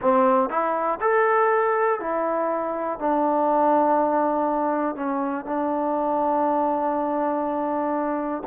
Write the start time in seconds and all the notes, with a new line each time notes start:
0.01 C4
0.49 E4
1.01 A4
2.00 E4
2.99 D4
4.95 C#4
5.45 D4